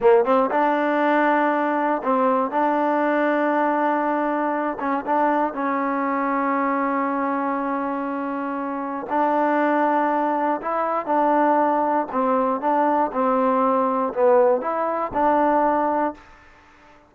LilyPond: \new Staff \with { instrumentName = "trombone" } { \time 4/4 \tempo 4 = 119 ais8 c'8 d'2. | c'4 d'2.~ | d'4. cis'8 d'4 cis'4~ | cis'1~ |
cis'2 d'2~ | d'4 e'4 d'2 | c'4 d'4 c'2 | b4 e'4 d'2 | }